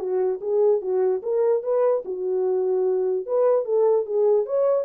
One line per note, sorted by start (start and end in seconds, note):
0.00 0.41 F#4
0.42 0.82 G#4
0.82 1.22 F#4
1.23 1.63 A#4
1.63 2.04 B4
2.05 3.27 F#4
3.27 3.66 B4
3.66 4.06 A4
4.07 4.46 G#4
4.46 4.86 C#5